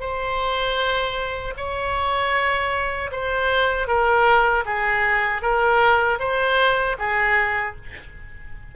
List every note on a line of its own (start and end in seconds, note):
0.00 1.54 C5
1.57 3.11 C#5
3.12 3.87 C5
3.87 4.64 A#4
4.66 5.42 G#4
5.42 6.19 A#4
6.20 6.97 C5
6.99 7.76 G#4